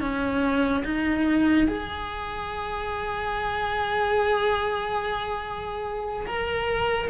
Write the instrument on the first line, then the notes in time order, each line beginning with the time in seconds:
cello
0.00 C#4
0.84 D#4
1.67 G#4
6.26 A#4